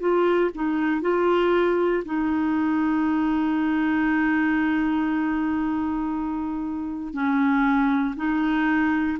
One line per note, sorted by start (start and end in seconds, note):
0.00 0.51 F4
0.55 1.02 D#4
1.02 2.03 F4
2.05 7.13 D#4
7.13 8.15 C#4
8.16 9.18 D#4